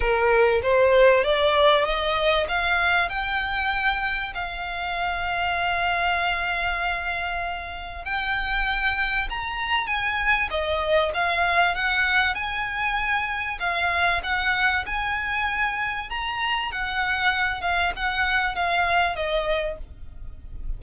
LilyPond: \new Staff \with { instrumentName = "violin" } { \time 4/4 \tempo 4 = 97 ais'4 c''4 d''4 dis''4 | f''4 g''2 f''4~ | f''1~ | f''4 g''2 ais''4 |
gis''4 dis''4 f''4 fis''4 | gis''2 f''4 fis''4 | gis''2 ais''4 fis''4~ | fis''8 f''8 fis''4 f''4 dis''4 | }